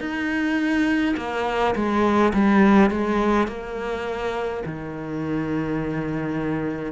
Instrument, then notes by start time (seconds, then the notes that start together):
cello
0.00 D#4
1.17 A#3
1.75 G#3
2.33 G3
2.91 G#3
3.48 A#3
4.66 D#3